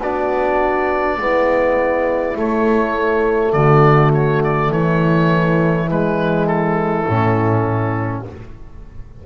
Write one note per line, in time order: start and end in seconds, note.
0.00 1.18 B3
0.00 1.18 D4
0.00 1.19 F#4
0.00 2.37 D5
1.18 2.36 G#3
1.18 2.34 B3
1.18 3.53 E4
2.34 5.87 A3
2.34 3.53 A3
2.34 3.53 C#5
3.53 4.69 D3
3.53 4.71 F#4
3.53 4.12 D5
4.13 4.43 C#5
4.44 4.72 D5
4.69 7.04 E3
4.69 8.25 E4
4.69 5.90 C#5
5.90 7.07 G#3
5.90 6.47 B4
6.47 8.23 A4
7.07 8.26 A2
7.07 8.25 C#4